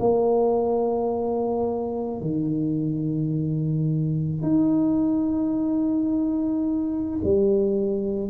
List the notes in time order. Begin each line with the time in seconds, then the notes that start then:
0.00 A#3
2.22 D#3
4.42 D#4
7.24 G3